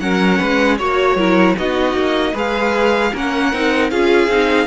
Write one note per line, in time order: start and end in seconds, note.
0.00 0.39 F#3
0.00 0.78 C#4
0.00 0.38 A#4
0.00 0.78 F#5
0.38 0.80 G#3
0.38 0.77 B4
0.78 1.16 A#3
0.78 1.18 F#4
0.78 1.17 C#5
0.78 1.56 C#5
1.16 1.55 F#3
1.16 1.57 E4
1.16 1.56 A#4
1.57 1.94 B3
1.57 2.34 D#4
1.57 2.33 F#4
1.57 2.36 D#5
1.94 2.33 A#3
2.33 3.12 G#3
2.33 3.12 G#4
2.33 3.11 B4
2.33 3.16 F5
3.13 3.53 A#3
3.13 3.53 C#4
3.13 3.91 A#4
3.13 3.90 F#5
3.53 3.92 C4
3.53 3.91 D#4
3.90 4.28 C#4
3.90 4.30 F4
3.90 4.67 G#4
3.90 4.67 F5
4.28 4.67 C4
4.28 4.67 D#4